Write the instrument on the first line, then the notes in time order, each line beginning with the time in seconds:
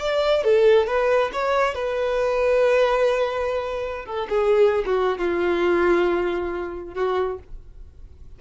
violin
0.00 D5
0.44 A4
0.87 B4
1.33 C#5
1.74 B4
4.06 A4
4.29 G#4
4.86 F#4
5.18 F4
6.95 F#4